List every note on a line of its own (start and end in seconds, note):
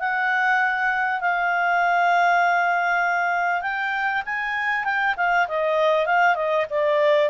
0.00 1.21 F#5
1.21 3.62 F5
3.62 4.23 G5
4.26 4.85 G#5
4.85 5.15 G5
5.17 5.47 F5
5.48 6.06 D#5
6.06 6.35 F5
6.35 6.66 D#5
6.70 7.30 D5